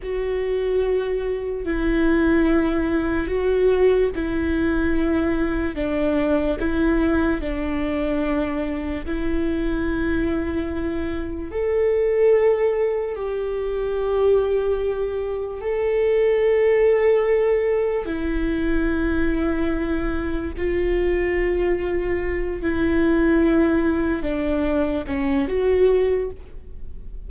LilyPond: \new Staff \with { instrumentName = "viola" } { \time 4/4 \tempo 4 = 73 fis'2 e'2 | fis'4 e'2 d'4 | e'4 d'2 e'4~ | e'2 a'2 |
g'2. a'4~ | a'2 e'2~ | e'4 f'2~ f'8 e'8~ | e'4. d'4 cis'8 fis'4 | }